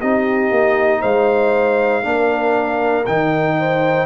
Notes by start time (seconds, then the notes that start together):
0.00 C4 D#4 G4 D#5
0.51 A#3
1.01 G#3 C5 F5
2.03 A#3 D4 A#4
3.06 D#3 D#4 G5
3.60 C5